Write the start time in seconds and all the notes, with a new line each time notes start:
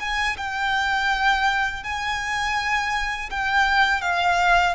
0.00 G#5
0.37 G5
1.84 G#5
3.31 G5
4.02 F5